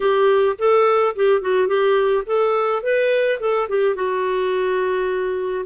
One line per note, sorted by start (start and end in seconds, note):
0.00 0.56 G4
0.58 1.15 A4
1.15 1.41 G4
1.41 1.67 F#4
1.67 2.24 G4
2.26 2.82 A4
2.83 3.39 B4
3.40 3.68 A4
3.68 3.95 G4
3.95 5.64 F#4